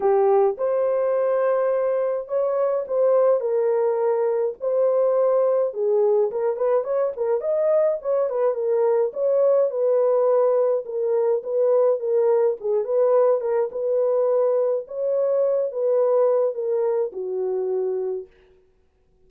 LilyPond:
\new Staff \with { instrumentName = "horn" } { \time 4/4 \tempo 4 = 105 g'4 c''2. | cis''4 c''4 ais'2 | c''2 gis'4 ais'8 b'8 | cis''8 ais'8 dis''4 cis''8 b'8 ais'4 |
cis''4 b'2 ais'4 | b'4 ais'4 gis'8 b'4 ais'8 | b'2 cis''4. b'8~ | b'4 ais'4 fis'2 | }